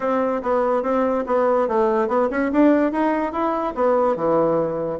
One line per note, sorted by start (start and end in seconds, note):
0.00 0.42 C4
0.42 0.82 B3
0.82 1.24 C4
1.26 1.68 B3
1.68 2.07 A3
2.07 2.28 B3
2.30 2.51 C#4
2.52 2.91 D4
2.91 3.32 D#4
3.32 3.74 E4
3.74 4.16 B3
4.16 4.99 E3